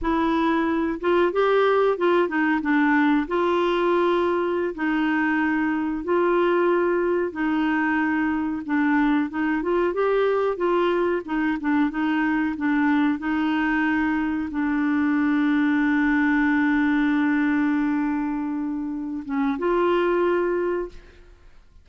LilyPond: \new Staff \with { instrumentName = "clarinet" } { \time 4/4 \tempo 4 = 92 e'4. f'8 g'4 f'8 dis'8 | d'4 f'2~ f'16 dis'8.~ | dis'4~ dis'16 f'2 dis'8.~ | dis'4~ dis'16 d'4 dis'8 f'8 g'8.~ |
g'16 f'4 dis'8 d'8 dis'4 d'8.~ | d'16 dis'2 d'4.~ d'16~ | d'1~ | d'4. cis'8 f'2 | }